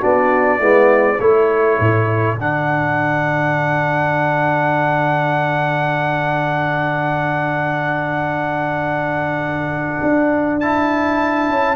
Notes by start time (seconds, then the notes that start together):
0.00 B3 D4 F#4 D5
0.59 G#3 B3 E4
1.17 A3 E4 A4 C#5
1.79 A2
2.34 D3 D4 F#5
10.02 D4
10.59 E4 A5
11.49 C#4